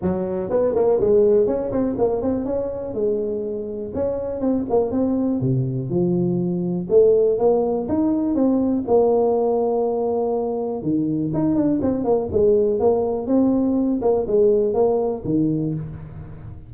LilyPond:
\new Staff \with { instrumentName = "tuba" } { \time 4/4 \tempo 4 = 122 fis4 b8 ais8 gis4 cis'8 c'8 | ais8 c'8 cis'4 gis2 | cis'4 c'8 ais8 c'4 c4 | f2 a4 ais4 |
dis'4 c'4 ais2~ | ais2 dis4 dis'8 d'8 | c'8 ais8 gis4 ais4 c'4~ | c'8 ais8 gis4 ais4 dis4 | }